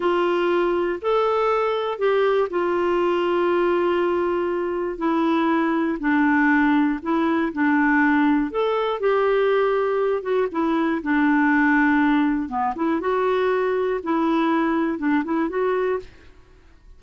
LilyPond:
\new Staff \with { instrumentName = "clarinet" } { \time 4/4 \tempo 4 = 120 f'2 a'2 | g'4 f'2.~ | f'2 e'2 | d'2 e'4 d'4~ |
d'4 a'4 g'2~ | g'8 fis'8 e'4 d'2~ | d'4 b8 e'8 fis'2 | e'2 d'8 e'8 fis'4 | }